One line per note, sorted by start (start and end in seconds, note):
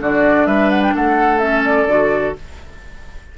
0.00 0.46 D3
0.00 1.40 D4
0.00 0.47 F#4
0.00 0.47 D5
0.46 0.94 G3
0.46 0.94 B4
0.46 0.70 E5
0.70 0.82 F#5
0.83 0.94 G5
0.95 1.86 A3
0.95 2.38 A4
0.95 1.39 F#5
1.39 1.87 C#4
1.39 1.62 E5
1.65 2.36 D5
1.86 2.34 D3
1.86 2.36 F#4